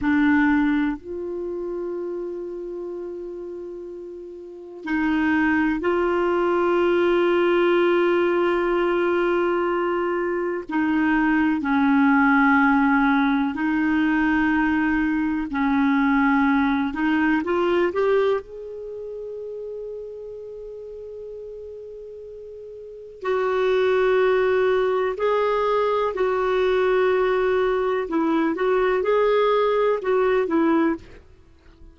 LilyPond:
\new Staff \with { instrumentName = "clarinet" } { \time 4/4 \tempo 4 = 62 d'4 f'2.~ | f'4 dis'4 f'2~ | f'2. dis'4 | cis'2 dis'2 |
cis'4. dis'8 f'8 g'8 gis'4~ | gis'1 | fis'2 gis'4 fis'4~ | fis'4 e'8 fis'8 gis'4 fis'8 e'8 | }